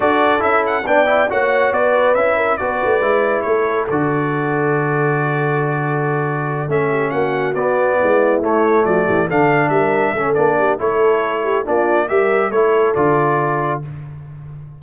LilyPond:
<<
  \new Staff \with { instrumentName = "trumpet" } { \time 4/4 \tempo 4 = 139 d''4 e''8 fis''8 g''4 fis''4 | d''4 e''4 d''2 | cis''4 d''2.~ | d''2.~ d''8 e''8~ |
e''8 fis''4 d''2 cis''8~ | cis''8 d''4 f''4 e''4. | d''4 cis''2 d''4 | e''4 cis''4 d''2 | }
  \new Staff \with { instrumentName = "horn" } { \time 4/4 a'2 d''4 cis''4 | b'4. ais'8 b'2 | a'1~ | a'1 |
g'8 fis'2 e'4.~ | e'8 fis'8 g'8 a'4 ais'4 a'8~ | a'8 g'8 a'4. g'8 f'4 | ais'4 a'2. | }
  \new Staff \with { instrumentName = "trombone" } { \time 4/4 fis'4 e'4 d'8 e'8 fis'4~ | fis'4 e'4 fis'4 e'4~ | e'4 fis'2.~ | fis'2.~ fis'8 cis'8~ |
cis'4. b2 a8~ | a4. d'2 cis'8 | d'4 e'2 d'4 | g'4 e'4 f'2 | }
  \new Staff \with { instrumentName = "tuba" } { \time 4/4 d'4 cis'4 b4 ais4 | b4 cis'4 b8 a8 gis4 | a4 d2.~ | d2.~ d8 a8~ |
a8 ais4 b4 gis4 a8~ | a8 f8 e8 d4 g4 a8 | ais4 a2 ais4 | g4 a4 d2 | }
>>